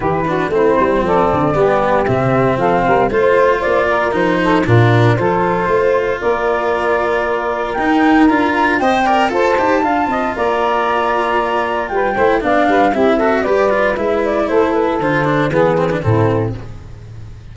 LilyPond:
<<
  \new Staff \with { instrumentName = "flute" } { \time 4/4 \tempo 4 = 116 b'4 c''4 d''2 | e''4 f''4 c''4 d''4 | c''4 ais'4 c''2 | d''2. g''4 |
ais''4 g''4 a''2 | ais''2. g''4 | f''4 e''4 d''4 e''8 d''8 | c''8 b'8 c''4 b'4 a'4 | }
  \new Staff \with { instrumentName = "saxophone" } { \time 4/4 g'8 fis'8 e'4 a'4 g'4~ | g'4 a'8 ais'8 c''4. ais'8~ | ais'8 a'8 f'4 a'4 c''4 | ais'1~ |
ais'4 dis''8 d''8 c''4 f''8 dis''8 | d''2. b'8 c''8 | d''8 b'8 g'8 a'8 b'2 | a'2 gis'4 e'4 | }
  \new Staff \with { instrumentName = "cello" } { \time 4/4 e'8 d'8 c'2 b4 | c'2 f'2 | dis'4 d'4 f'2~ | f'2. dis'4 |
f'4 c''8 ais'8 a'8 g'8 f'4~ | f'2.~ f'8 e'8 | d'4 e'8 fis'8 g'8 f'8 e'4~ | e'4 f'8 d'8 b8 c'16 d'16 c'4 | }
  \new Staff \with { instrumentName = "tuba" } { \time 4/4 e4 a8 g8 f8 d8 g4 | c4 f8 g8 a4 ais4 | f4 ais,4 f4 a4 | ais2. dis'4 |
d'4 c'4 f'8 dis'8 d'8 c'8 | ais2. g8 a8 | b8 g8 c'4 g4 gis4 | a4 d4 e4 a,4 | }
>>